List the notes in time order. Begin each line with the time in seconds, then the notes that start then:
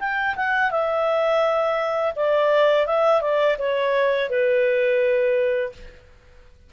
0.00 G5
0.36 F#5
0.71 E5
2.16 D5
2.87 E5
3.21 D5
3.58 C#5
4.30 B4